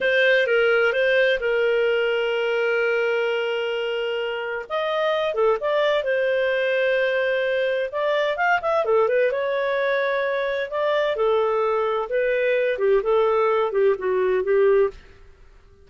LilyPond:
\new Staff \with { instrumentName = "clarinet" } { \time 4/4 \tempo 4 = 129 c''4 ais'4 c''4 ais'4~ | ais'1~ | ais'2 dis''4. a'8 | d''4 c''2.~ |
c''4 d''4 f''8 e''8 a'8 b'8 | cis''2. d''4 | a'2 b'4. g'8 | a'4. g'8 fis'4 g'4 | }